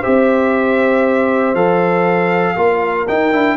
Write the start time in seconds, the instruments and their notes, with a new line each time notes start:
0.00 tuba C4, trombone G4, horn C5, trumpet E5
1.54 tuba F3, trombone A4, trumpet F5
2.55 tuba A#3, trombone F4, horn A#4
3.08 trombone D#4, tuba D#4, trumpet G5
3.32 tuba D4, trombone E4